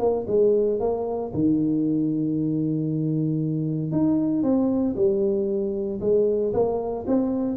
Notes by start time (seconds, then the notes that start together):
0.00 A#3
0.28 G#3
0.80 A#3
1.34 D#3
3.92 D#4
4.44 C4
4.97 G3
6.01 G#3
6.54 A#3
7.08 C4